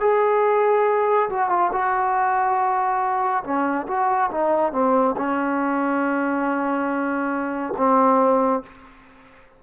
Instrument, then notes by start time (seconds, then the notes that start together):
trombone
0.00 G#4
1.29 F#4
1.49 F4
1.72 F#4
3.43 C#4
3.87 F#4
4.31 D#4
4.72 C4
5.17 C#4
7.77 C4